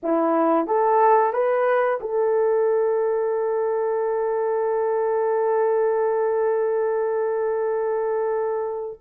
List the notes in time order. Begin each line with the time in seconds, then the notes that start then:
0.02 E4
0.66 A4
1.33 B4
2.00 A4